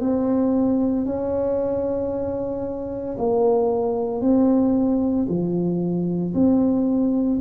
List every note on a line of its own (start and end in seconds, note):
0.00 1.05 C4
1.05 3.16 C#4
3.18 4.21 A#3
4.21 5.26 C4
5.28 6.33 F3
6.33 7.39 C4